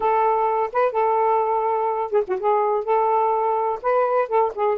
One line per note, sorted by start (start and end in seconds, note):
0.00 0.70 A4
0.72 0.92 B4
0.92 2.11 A4
2.11 2.23 G#4
2.27 2.39 F#4
2.39 2.84 G#4
2.84 3.79 A4
3.82 4.28 B4
4.28 4.52 A4
4.55 4.77 G#4